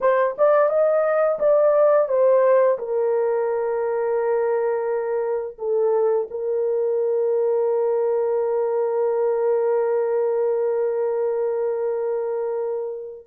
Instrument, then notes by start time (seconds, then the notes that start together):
horn
0.01 C5
0.38 D5
0.68 D#5
1.39 D5
2.08 C5
2.78 A#4
5.58 A4
6.30 A#4